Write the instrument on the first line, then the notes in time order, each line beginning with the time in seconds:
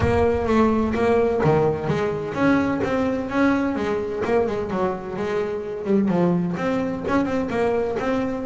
double bass
0.00 A#3
0.46 A3
0.94 A#3
1.44 D#3
1.87 G#3
2.34 C#4
2.83 C4
3.29 C#4
3.75 G#3
4.24 A#3
4.47 G#3
4.70 F#3
5.16 G#3
5.84 G3
6.08 F3
6.57 C4
7.08 C#4
7.25 C4
7.50 A#3
7.99 C4